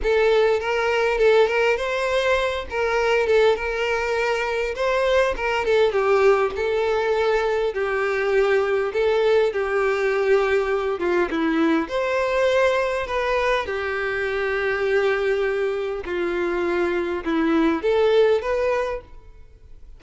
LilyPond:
\new Staff \with { instrumentName = "violin" } { \time 4/4 \tempo 4 = 101 a'4 ais'4 a'8 ais'8 c''4~ | c''8 ais'4 a'8 ais'2 | c''4 ais'8 a'8 g'4 a'4~ | a'4 g'2 a'4 |
g'2~ g'8 f'8 e'4 | c''2 b'4 g'4~ | g'2. f'4~ | f'4 e'4 a'4 b'4 | }